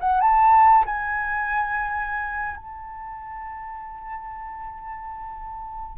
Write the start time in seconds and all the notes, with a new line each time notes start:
0.00 F#5
0.20 A5
0.86 G#5
2.56 A5